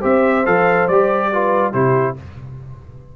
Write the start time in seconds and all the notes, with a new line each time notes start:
0.00 C4 G4 C5 E5
0.45 F3 A4 F5
0.87 G3 G4 D5
1.32 F4 B4
1.72 C3 E4 G4 C5